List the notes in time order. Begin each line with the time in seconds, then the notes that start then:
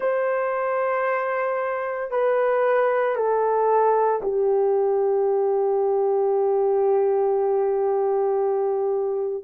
0.00 C5
2.11 B4
3.15 A4
4.22 G4